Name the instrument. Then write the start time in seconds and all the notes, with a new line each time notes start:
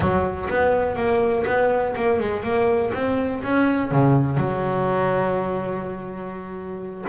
double bass
0.00 F#3
0.49 B3
0.96 A#3
1.46 B3
1.96 A#3
2.19 G#3
2.43 A#3
2.93 C4
3.43 C#4
3.91 C#3
4.37 F#3